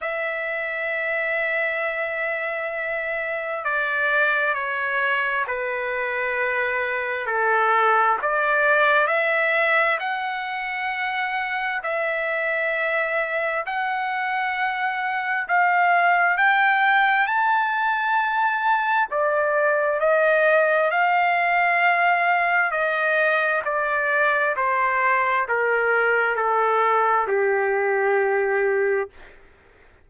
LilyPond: \new Staff \with { instrumentName = "trumpet" } { \time 4/4 \tempo 4 = 66 e''1 | d''4 cis''4 b'2 | a'4 d''4 e''4 fis''4~ | fis''4 e''2 fis''4~ |
fis''4 f''4 g''4 a''4~ | a''4 d''4 dis''4 f''4~ | f''4 dis''4 d''4 c''4 | ais'4 a'4 g'2 | }